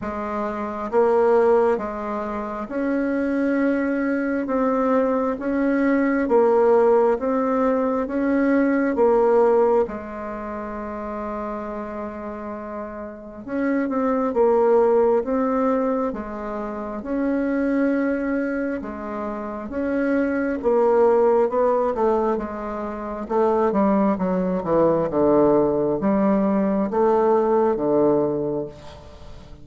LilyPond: \new Staff \with { instrumentName = "bassoon" } { \time 4/4 \tempo 4 = 67 gis4 ais4 gis4 cis'4~ | cis'4 c'4 cis'4 ais4 | c'4 cis'4 ais4 gis4~ | gis2. cis'8 c'8 |
ais4 c'4 gis4 cis'4~ | cis'4 gis4 cis'4 ais4 | b8 a8 gis4 a8 g8 fis8 e8 | d4 g4 a4 d4 | }